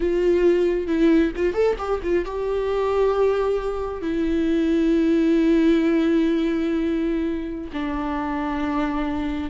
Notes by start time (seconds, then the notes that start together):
0.00 F4
0.87 E4
1.36 F4
1.53 A4
1.78 G4
2.03 F4
2.25 G4
4.01 E4
7.72 D4